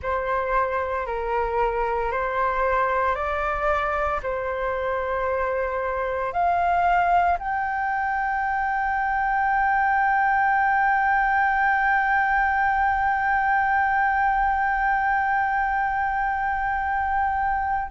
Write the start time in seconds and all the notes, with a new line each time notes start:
0.02 C5
1.06 A#4
2.11 C5
3.15 D5
4.22 C5
6.33 F5
7.39 G5